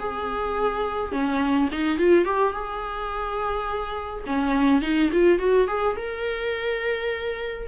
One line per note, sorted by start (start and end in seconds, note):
0.00 1.12 G#4
1.12 1.70 C#4
1.72 1.99 D#4
1.99 2.25 F4
2.25 2.53 G4
2.53 4.24 G#4
4.26 4.82 C#4
4.82 5.11 D#4
5.13 5.39 F4
5.39 5.68 F#4
5.68 5.97 G#4
5.97 7.68 A#4